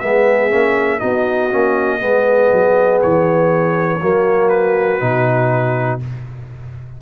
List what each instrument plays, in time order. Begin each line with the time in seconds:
0.00 tuba G#3, trombone B3, horn G#4, trumpet E5
0.50 tuba A#3, trombone C#4
0.99 tuba B3, trombone D#4, horn F#4, trumpet D#5
1.51 tuba A#3, trombone C#4
2.00 tuba G#3, trombone B3, horn G#4
2.52 tuba F#3
3.02 tuba E3, trumpet C#5
4.00 tuba F#3, trombone A#3, horn F#4
4.49 trumpet B4
5.00 tuba B2, trombone D#4